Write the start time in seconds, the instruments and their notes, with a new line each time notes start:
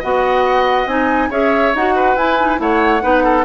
0.00 bassoon B3, clarinet F#4, oboe D#5, flute F#5
0.86 bassoon C4, clarinet D#4, flute G#5
1.30 bassoon C#4, clarinet G#4, oboe C#5, flute E5
1.75 bassoon D#4, clarinet F#4, flute F#5
1.96 oboe B4
2.16 bassoon E4, clarinet E4, flute G#5
2.40 clarinet D#4
2.57 bassoon A3, clarinet E4, oboe C#5, flute F#5
3.02 bassoon B3, clarinet D#4, oboe B4
3.24 oboe A4